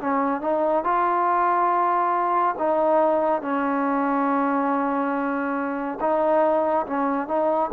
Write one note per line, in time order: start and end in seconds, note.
0.00 0.41 C#4
0.41 0.84 D#4
0.84 2.55 F4
2.58 3.42 D#4
3.42 5.99 C#4
6.00 6.86 D#4
6.86 7.27 C#4
7.27 7.70 D#4